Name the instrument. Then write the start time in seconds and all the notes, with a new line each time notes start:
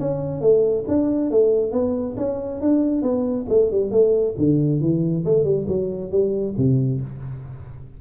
tuba
0.00 C#4
0.41 A3
0.88 D4
1.31 A3
1.72 B3
2.17 C#4
2.61 D4
3.02 B3
3.49 A3
3.71 G3
3.91 A3
4.37 D3
4.81 E3
5.25 A3
5.44 G3
5.68 F#3
6.11 G3
6.57 C3